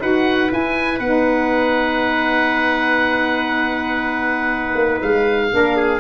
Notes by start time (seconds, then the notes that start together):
0.00 D#4 F#4 B4 F#5
0.51 E4 G#5
0.99 B3 D#4 F#5
4.75 A#3
5.02 G#3 F5
5.51 A#3 D4 A#4
5.76 G#4